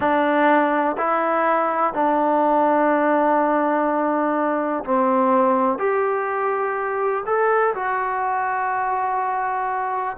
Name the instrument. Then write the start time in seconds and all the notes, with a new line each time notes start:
trombone
0.00 D4
0.97 E4
1.93 D4
4.84 C4
5.78 G4
7.25 A4
7.75 F#4